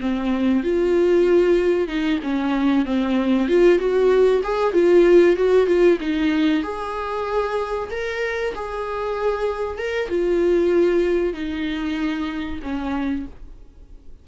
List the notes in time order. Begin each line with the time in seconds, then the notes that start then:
0.00 C4
0.63 F4
1.88 D#4
2.23 C#4
2.85 C4
3.48 F4
3.79 F#4
4.43 G#4
4.73 F4
5.36 F#4
5.66 F4
6.01 D#4
6.63 G#4
7.90 A#4
8.55 G#4
9.78 A#4
10.09 F4
11.33 D#4
12.63 C#4